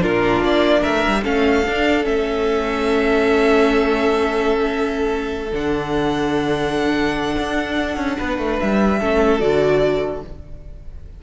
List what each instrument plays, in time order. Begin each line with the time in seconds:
0.00 cello A#2, viola D4, violin F4 A#4
0.41 cello A#3, violin D5
0.80 cello A3, violin A#4 E5
1.07 cello G3
1.23 cello A3, viola C#4, violin A4 F5
1.65 cello D4, viola D4
2.03 cello A3, viola C#4, violin E5
5.52 cello D3, viola D4, violin F#5
7.37 cello D4
7.97 cello C#4
8.18 cello B3, violin B4
8.38 cello A3
8.59 cello G3, violin E5
8.99 cello A3, viola C#4, violin A4
9.40 cello D3, viola F#4, violin D5